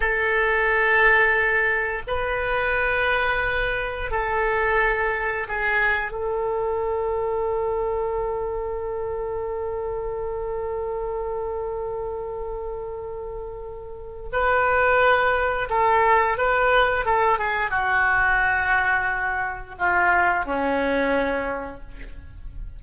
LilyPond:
\new Staff \with { instrumentName = "oboe" } { \time 4/4 \tempo 4 = 88 a'2. b'4~ | b'2 a'2 | gis'4 a'2.~ | a'1~ |
a'1~ | a'4 b'2 a'4 | b'4 a'8 gis'8 fis'2~ | fis'4 f'4 cis'2 | }